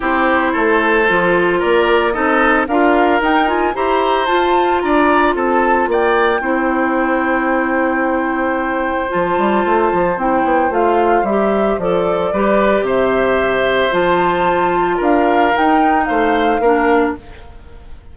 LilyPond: <<
  \new Staff \with { instrumentName = "flute" } { \time 4/4 \tempo 4 = 112 c''2. d''4 | dis''4 f''4 g''8 gis''8 ais''4 | a''4 ais''4 a''4 g''4~ | g''1~ |
g''4 a''2 g''4 | f''4 e''4 d''2 | e''2 a''2 | f''4 g''4 f''2 | }
  \new Staff \with { instrumentName = "oboe" } { \time 4/4 g'4 a'2 ais'4 | a'4 ais'2 c''4~ | c''4 d''4 a'4 d''4 | c''1~ |
c''1~ | c''2. b'4 | c''1 | ais'2 c''4 ais'4 | }
  \new Staff \with { instrumentName = "clarinet" } { \time 4/4 e'2 f'2 | dis'4 f'4 dis'8 f'8 g'4 | f'1 | e'1~ |
e'4 f'2 e'4 | f'4 g'4 a'4 g'4~ | g'2 f'2~ | f'4 dis'2 d'4 | }
  \new Staff \with { instrumentName = "bassoon" } { \time 4/4 c'4 a4 f4 ais4 | c'4 d'4 dis'4 e'4 | f'4 d'4 c'4 ais4 | c'1~ |
c'4 f8 g8 a8 f8 c'8 b8 | a4 g4 f4 g4 | c2 f2 | d'4 dis'4 a4 ais4 | }
>>